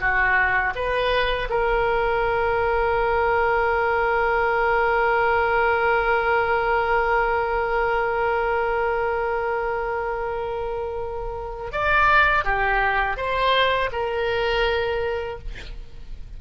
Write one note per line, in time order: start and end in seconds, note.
0.00 0.73 F#4
0.75 1.48 B4
1.49 11.72 A#4
11.72 12.44 D5
12.44 13.16 G4
13.16 13.90 C5
13.92 15.38 A#4